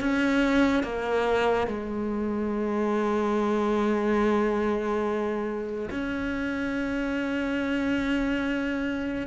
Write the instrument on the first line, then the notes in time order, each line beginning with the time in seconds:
cello
0.00 C#4
0.83 A#3
1.67 G#3
5.90 C#4